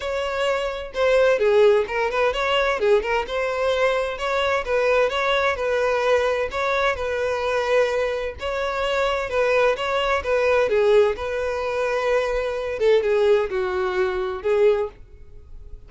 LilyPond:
\new Staff \with { instrumentName = "violin" } { \time 4/4 \tempo 4 = 129 cis''2 c''4 gis'4 | ais'8 b'8 cis''4 gis'8 ais'8 c''4~ | c''4 cis''4 b'4 cis''4 | b'2 cis''4 b'4~ |
b'2 cis''2 | b'4 cis''4 b'4 gis'4 | b'2.~ b'8 a'8 | gis'4 fis'2 gis'4 | }